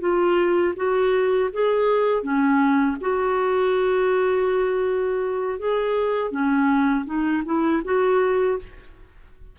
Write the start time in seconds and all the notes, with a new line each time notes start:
0.00 F4
0.76 F#4
1.53 G#4
2.23 C#4
3.01 F#4
5.59 G#4
6.31 C#4
7.06 D#4
7.45 E4
7.85 F#4